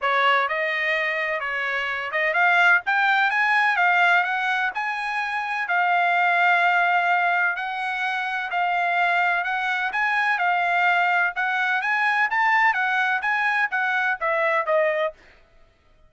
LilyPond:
\new Staff \with { instrumentName = "trumpet" } { \time 4/4 \tempo 4 = 127 cis''4 dis''2 cis''4~ | cis''8 dis''8 f''4 g''4 gis''4 | f''4 fis''4 gis''2 | f''1 |
fis''2 f''2 | fis''4 gis''4 f''2 | fis''4 gis''4 a''4 fis''4 | gis''4 fis''4 e''4 dis''4 | }